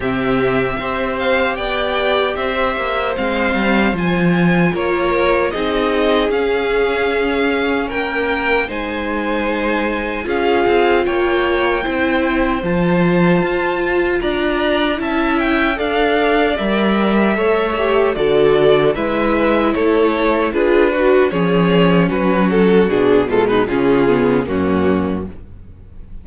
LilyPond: <<
  \new Staff \with { instrumentName = "violin" } { \time 4/4 \tempo 4 = 76 e''4. f''8 g''4 e''4 | f''4 gis''4 cis''4 dis''4 | f''2 g''4 gis''4~ | gis''4 f''4 g''2 |
a''2 ais''4 a''8 g''8 | f''4 e''2 d''4 | e''4 cis''4 b'4 cis''4 | b'8 a'8 gis'8 a'16 b'16 gis'4 fis'4 | }
  \new Staff \with { instrumentName = "violin" } { \time 4/4 g'4 c''4 d''4 c''4~ | c''2 ais'4 gis'4~ | gis'2 ais'4 c''4~ | c''4 gis'4 cis''4 c''4~ |
c''2 d''4 e''4 | d''2 cis''4 a'4 | b'4 a'4 gis'8 fis'8 gis'4 | fis'4. f'16 dis'16 f'4 cis'4 | }
  \new Staff \with { instrumentName = "viola" } { \time 4/4 c'4 g'2. | c'4 f'2 dis'4 | cis'2. dis'4~ | dis'4 f'2 e'4 |
f'2. e'4 | a'4 ais'4 a'8 g'8 fis'4 | e'2 f'8 fis'8 cis'4~ | cis'4 d'8 gis8 cis'8 b8 ais4 | }
  \new Staff \with { instrumentName = "cello" } { \time 4/4 c4 c'4 b4 c'8 ais8 | gis8 g8 f4 ais4 c'4 | cis'2 ais4 gis4~ | gis4 cis'8 c'8 ais4 c'4 |
f4 f'4 d'4 cis'4 | d'4 g4 a4 d4 | gis4 a4 d'4 f4 | fis4 b,4 cis4 fis,4 | }
>>